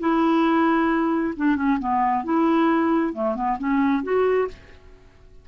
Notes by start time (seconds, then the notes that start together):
0.00 E4
1.37 D4
1.57 C#4
1.80 B3
2.25 E4
3.14 A3
3.36 B3
3.59 C#4
4.04 F#4